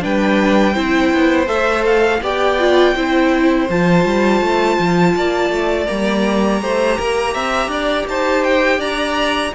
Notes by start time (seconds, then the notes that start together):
0.00 G3 D4 B4 G5
0.74 C4 E4 C5
1.13 B3
1.46 A3 A4 E5
1.86 F5
2.21 B3 G4 D5 G5
2.59 F4
2.94 C4 E4 C5
3.69 F3 F4 A5
4.05 G3
4.41 A3
4.79 F3
5.16 A#3 D5
5.49 A3
5.86 G3 A#3 A#5
6.61 A3 G4 C5
6.97 A#3 A#4
7.33 C4 E5
7.68 D4 D5
8.07 D#4 C5 A5
8.44 G5
8.78 D4 D5 A#5